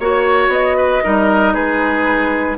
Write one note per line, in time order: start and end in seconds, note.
0.00 0.48 A#3
0.00 1.03 F#4
0.00 0.77 C#5
0.00 0.52 C#5
0.48 1.00 B3
0.48 1.54 D#5
0.77 1.03 B4
1.03 1.55 G3
1.03 2.58 D#4
1.03 1.53 A#4
1.53 2.58 G#3
1.53 2.57 G#4
1.53 2.57 B4